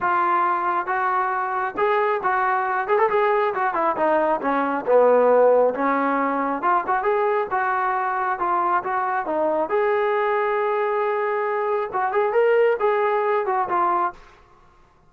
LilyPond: \new Staff \with { instrumentName = "trombone" } { \time 4/4 \tempo 4 = 136 f'2 fis'2 | gis'4 fis'4. gis'16 a'16 gis'4 | fis'8 e'8 dis'4 cis'4 b4~ | b4 cis'2 f'8 fis'8 |
gis'4 fis'2 f'4 | fis'4 dis'4 gis'2~ | gis'2. fis'8 gis'8 | ais'4 gis'4. fis'8 f'4 | }